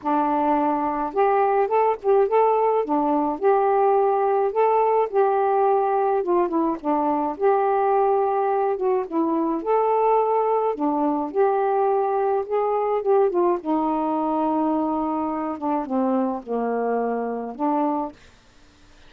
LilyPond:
\new Staff \with { instrumentName = "saxophone" } { \time 4/4 \tempo 4 = 106 d'2 g'4 a'8 g'8 | a'4 d'4 g'2 | a'4 g'2 f'8 e'8 | d'4 g'2~ g'8 fis'8 |
e'4 a'2 d'4 | g'2 gis'4 g'8 f'8 | dis'2.~ dis'8 d'8 | c'4 ais2 d'4 | }